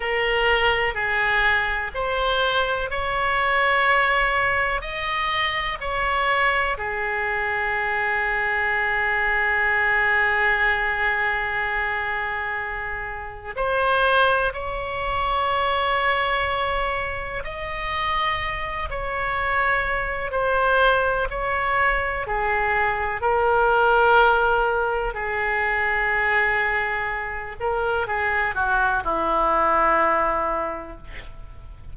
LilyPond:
\new Staff \with { instrumentName = "oboe" } { \time 4/4 \tempo 4 = 62 ais'4 gis'4 c''4 cis''4~ | cis''4 dis''4 cis''4 gis'4~ | gis'1~ | gis'2 c''4 cis''4~ |
cis''2 dis''4. cis''8~ | cis''4 c''4 cis''4 gis'4 | ais'2 gis'2~ | gis'8 ais'8 gis'8 fis'8 e'2 | }